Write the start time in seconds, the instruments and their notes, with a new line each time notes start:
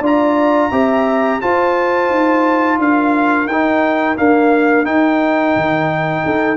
0.00 tuba D4, trombone F4, horn D5, trumpet A#5
0.70 tuba C4, trombone G4, horn E5
1.41 trombone F4, tuba F4, horn C5, trumpet A5
2.09 tuba D#4
2.78 tuba D4, horn A#4, trumpet F5
3.46 tuba D#4, trumpet G5
3.52 trombone D#4
4.16 trombone A#3, tuba D4, trumpet F5
4.84 trombone D#4, tuba D#4, trumpet G5
5.55 tuba D#3
6.24 tuba D#4, horn A4